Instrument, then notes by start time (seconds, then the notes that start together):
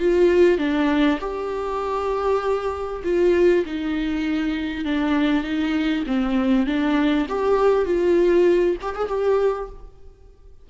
viola
0.00 F4
0.59 D4
1.21 G4
3.04 F4
3.66 D#4
4.85 D4
5.44 D#4
6.07 C4
6.67 D4
7.29 G4
7.86 F4
8.82 G4
8.96 G#4
9.09 G4